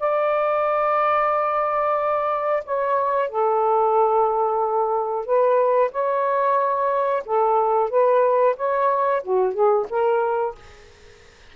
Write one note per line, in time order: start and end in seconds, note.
0.00 2.64 D5
2.65 3.29 C#5
3.29 5.26 A4
5.26 5.92 B4
5.92 7.24 C#5
7.26 7.91 A4
7.91 8.57 B4
8.57 9.23 C#5
9.24 9.54 F#4
9.54 9.87 G#4
9.90 10.56 A#4